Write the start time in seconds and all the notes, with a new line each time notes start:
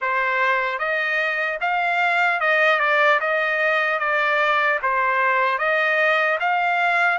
0.01 C5
0.78 D#5
1.60 F5
2.40 D#5
2.79 D5
3.20 D#5
3.99 D5
4.82 C5
5.58 D#5
6.40 F5